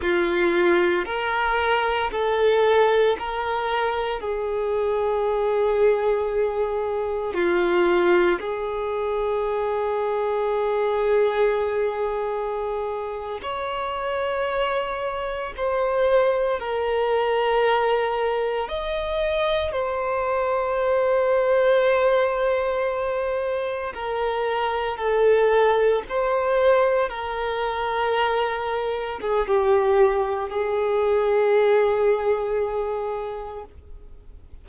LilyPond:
\new Staff \with { instrumentName = "violin" } { \time 4/4 \tempo 4 = 57 f'4 ais'4 a'4 ais'4 | gis'2. f'4 | gis'1~ | gis'8. cis''2 c''4 ais'16~ |
ais'4.~ ais'16 dis''4 c''4~ c''16~ | c''2~ c''8. ais'4 a'16~ | a'8. c''4 ais'2 gis'16 | g'4 gis'2. | }